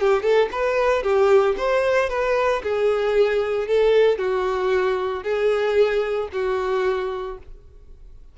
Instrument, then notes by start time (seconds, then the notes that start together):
violin
0.00 G4
0.22 A4
0.51 B4
1.03 G4
1.57 C5
2.09 B4
2.63 G#4
3.67 A4
4.18 F#4
5.23 G#4
6.32 F#4